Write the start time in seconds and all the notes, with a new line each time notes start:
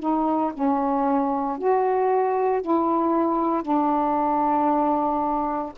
0.00 D#4
0.54 C#4
1.58 F#4
2.62 E4
3.63 D4